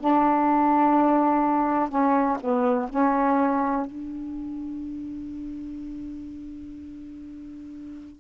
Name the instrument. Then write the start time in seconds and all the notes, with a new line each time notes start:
saxophone
0.00 D4
1.90 C#4
2.41 B3
2.90 C#4
3.87 D4